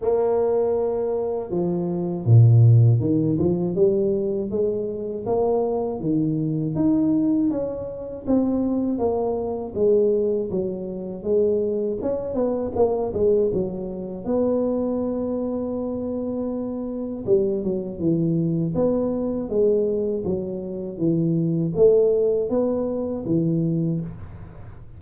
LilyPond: \new Staff \with { instrumentName = "tuba" } { \time 4/4 \tempo 4 = 80 ais2 f4 ais,4 | dis8 f8 g4 gis4 ais4 | dis4 dis'4 cis'4 c'4 | ais4 gis4 fis4 gis4 |
cis'8 b8 ais8 gis8 fis4 b4~ | b2. g8 fis8 | e4 b4 gis4 fis4 | e4 a4 b4 e4 | }